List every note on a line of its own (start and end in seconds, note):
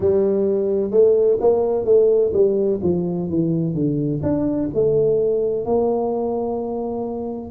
0.00 0.90 G3
0.90 1.37 A3
1.40 1.85 A#3
1.85 2.31 A3
2.33 2.80 G3
2.82 3.29 F3
3.29 3.74 E3
3.74 4.21 D3
4.22 4.69 D4
4.73 5.65 A3
5.65 7.50 A#3